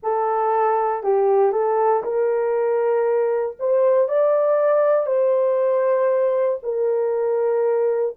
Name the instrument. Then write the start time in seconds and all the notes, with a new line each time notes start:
horn
0.02 A4
1.03 G4
1.52 A4
2.03 A#4
3.59 C5
4.08 D5
5.06 C5
6.62 A#4